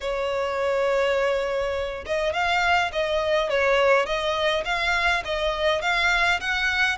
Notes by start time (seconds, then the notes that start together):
0.00 C#5
2.06 D#5
2.33 F5
2.92 D#5
3.49 C#5
4.05 D#5
4.64 F5
5.24 D#5
5.81 F5
6.40 F#5